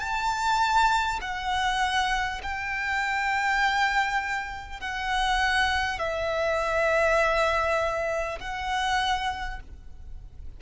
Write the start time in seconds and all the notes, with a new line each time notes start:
0.00 A5
1.21 F#5
2.43 G5
4.81 F#5
5.99 E5
8.41 F#5